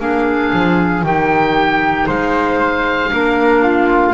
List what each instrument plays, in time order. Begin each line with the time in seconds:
0.00 double bass A#3, clarinet D4, flute G#4, oboe F5
0.53 double bass F3
1.03 double bass D#3, clarinet D#4, flute G4, oboe G5
2.06 double bass G#3, flute C5, oboe F5
3.11 double bass A#3, clarinet D4, flute A#4
3.63 flute F4